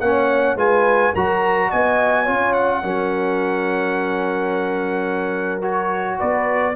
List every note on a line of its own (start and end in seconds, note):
0.00 0.55 A#3
0.00 0.57 C#4
0.00 0.56 C#5
0.00 0.56 F#5
0.55 1.11 G#3
0.55 1.13 F4
0.55 1.12 B4
0.55 1.14 G#5
1.12 1.71 F#3
1.12 2.26 F#4
1.12 1.68 A#4
1.12 1.71 A#5
1.69 2.28 B3
1.69 2.23 D#5
1.69 2.53 G#5
2.23 2.83 C#4
2.23 2.82 F4
2.23 2.79 C#5
2.53 5.61 F#5
2.83 6.19 F#3
2.83 5.62 C#4
2.83 6.18 A#4
5.62 6.74 F#4
5.62 6.18 C#5
6.18 6.75 B3
6.18 6.74 B4
6.18 6.75 D5